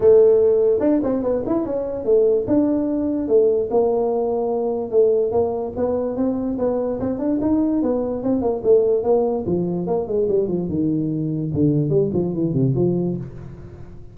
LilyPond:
\new Staff \with { instrumentName = "tuba" } { \time 4/4 \tempo 4 = 146 a2 d'8 c'8 b8 e'8 | cis'4 a4 d'2 | a4 ais2. | a4 ais4 b4 c'4 |
b4 c'8 d'8 dis'4 b4 | c'8 ais8 a4 ais4 f4 | ais8 gis8 g8 f8 dis2 | d4 g8 f8 e8 c8 f4 | }